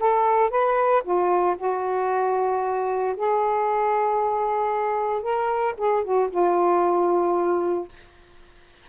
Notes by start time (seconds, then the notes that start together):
0.00 A4
0.50 B4
1.04 F4
1.58 F#4
3.17 G#4
5.22 A#4
5.78 G#4
6.04 F#4
6.31 F4